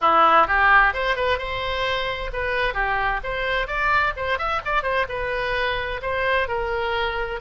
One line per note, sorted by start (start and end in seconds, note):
0.01 0.47 E4
0.47 0.93 G4
0.93 1.16 C5
1.16 1.38 B4
1.38 2.30 C5
2.32 2.74 B4
2.74 3.20 G4
3.23 3.67 C5
3.67 4.13 D5
4.16 4.38 C5
4.38 4.61 E5
4.65 4.83 D5
4.83 5.06 C5
5.08 6.01 B4
6.01 6.47 C5
6.47 7.40 A#4